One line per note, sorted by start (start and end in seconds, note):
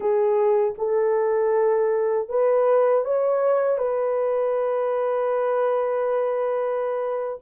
0.00 0.74 G#4
0.78 2.28 A4
2.28 3.04 B4
3.04 3.78 C#5
3.78 7.38 B4